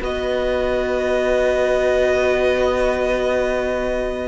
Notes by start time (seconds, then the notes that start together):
0.00 B3 F#4 B4 D#5